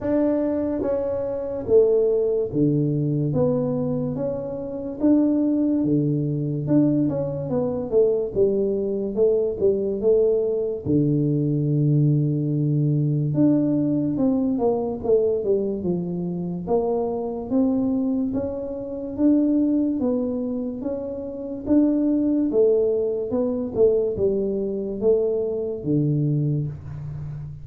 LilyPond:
\new Staff \with { instrumentName = "tuba" } { \time 4/4 \tempo 4 = 72 d'4 cis'4 a4 d4 | b4 cis'4 d'4 d4 | d'8 cis'8 b8 a8 g4 a8 g8 | a4 d2. |
d'4 c'8 ais8 a8 g8 f4 | ais4 c'4 cis'4 d'4 | b4 cis'4 d'4 a4 | b8 a8 g4 a4 d4 | }